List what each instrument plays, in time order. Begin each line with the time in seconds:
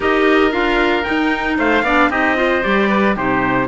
0.00 cello D#4, clarinet G4, oboe A#4, trumpet D#5
0.51 cello D4, clarinet F4, trumpet F5
1.04 clarinet D#4, cello D#4, trumpet G5
1.58 cello A3, oboe C5, trumpet F5
1.82 cello B3, clarinet D4, oboe D5
2.09 cello C4, clarinet D#4, oboe G4, trumpet D#5
2.35 clarinet F4, oboe C5
2.62 cello G3, clarinet G4, trumpet D5
2.89 oboe B4
3.15 cello C3, clarinet D#4, oboe G4, trumpet C5